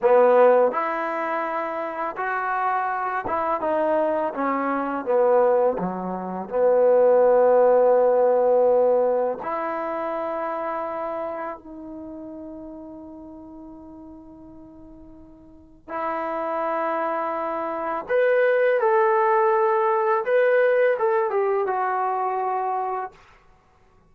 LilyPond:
\new Staff \with { instrumentName = "trombone" } { \time 4/4 \tempo 4 = 83 b4 e'2 fis'4~ | fis'8 e'8 dis'4 cis'4 b4 | fis4 b2.~ | b4 e'2. |
dis'1~ | dis'2 e'2~ | e'4 b'4 a'2 | b'4 a'8 g'8 fis'2 | }